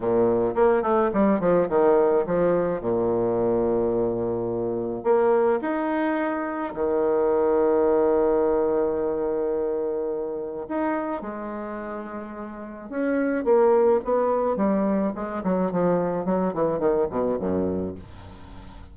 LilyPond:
\new Staff \with { instrumentName = "bassoon" } { \time 4/4 \tempo 4 = 107 ais,4 ais8 a8 g8 f8 dis4 | f4 ais,2.~ | ais,4 ais4 dis'2 | dis1~ |
dis2. dis'4 | gis2. cis'4 | ais4 b4 g4 gis8 fis8 | f4 fis8 e8 dis8 b,8 fis,4 | }